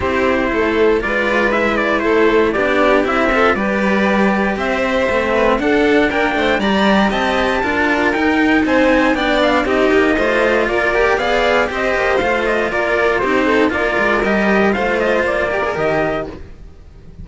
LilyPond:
<<
  \new Staff \with { instrumentName = "trumpet" } { \time 4/4 \tempo 4 = 118 c''2 d''4 e''8 d''8 | c''4 d''4 e''4 d''4~ | d''4 e''2 fis''4 | g''4 ais''4 a''2 |
g''4 gis''4 g''8 f''8 dis''4~ | dis''4 d''4 f''4 dis''4 | f''8 dis''8 d''4 c''4 d''4 | dis''4 f''8 dis''8 d''4 dis''4 | }
  \new Staff \with { instrumentName = "violin" } { \time 4/4 g'4 a'4 b'2 | a'4 g'4. a'8 b'4~ | b'4 c''4. b'8 a'4 | ais'8 c''8 d''4 dis''4 ais'4~ |
ais'4 c''4 d''4 g'4 | c''4 ais'4 d''4 c''4~ | c''4 ais'4 g'8 a'8 ais'4~ | ais'4 c''4. ais'4. | }
  \new Staff \with { instrumentName = "cello" } { \time 4/4 e'2 f'4 e'4~ | e'4 d'4 e'8 f'8 g'4~ | g'2 c'4 d'4~ | d'4 g'2 f'4 |
dis'2 d'4 dis'4 | f'4. g'8 gis'4 g'4 | f'2 dis'4 f'4 | g'4 f'4. g'16 gis'16 g'4 | }
  \new Staff \with { instrumentName = "cello" } { \time 4/4 c'4 a4 gis2 | a4 b4 c'4 g4~ | g4 c'4 a4 d'4 | ais8 a8 g4 c'4 d'4 |
dis'4 c'4 b4 c'8 ais8 | a4 ais4 b4 c'8 ais8 | a4 ais4 c'4 ais8 gis8 | g4 a4 ais4 dis4 | }
>>